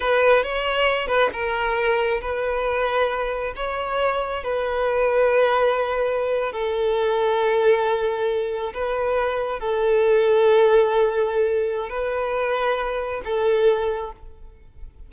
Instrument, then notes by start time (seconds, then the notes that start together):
violin
0.00 B4
0.43 C#5
1.07 B4
1.32 A#4
2.21 B4
3.56 C#5
4.43 B4
6.52 A4
8.73 B4
9.59 A4
11.89 B4
13.24 A4